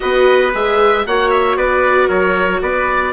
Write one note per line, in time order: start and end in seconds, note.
0.00 0.54 B3
0.00 0.51 F#4
0.00 1.06 B4
0.00 0.52 D#5
0.53 1.06 G#3
0.53 1.05 G#4
0.53 1.06 E5
1.06 1.56 A#3
1.06 3.13 F#4
1.06 1.57 C#5
1.06 1.30 F#5
1.30 1.56 E5
1.56 2.08 B3
1.56 2.08 B4
1.56 2.09 D5
2.08 2.60 F#3
2.08 2.61 A#4
2.08 2.61 C#5
2.61 3.13 B3
2.61 3.13 B4
2.61 3.13 D5